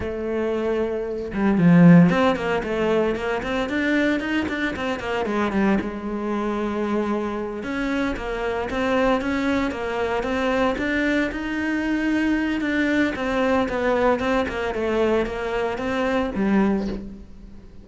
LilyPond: \new Staff \with { instrumentName = "cello" } { \time 4/4 \tempo 4 = 114 a2~ a8 g8 f4 | c'8 ais8 a4 ais8 c'8 d'4 | dis'8 d'8 c'8 ais8 gis8 g8 gis4~ | gis2~ gis8 cis'4 ais8~ |
ais8 c'4 cis'4 ais4 c'8~ | c'8 d'4 dis'2~ dis'8 | d'4 c'4 b4 c'8 ais8 | a4 ais4 c'4 g4 | }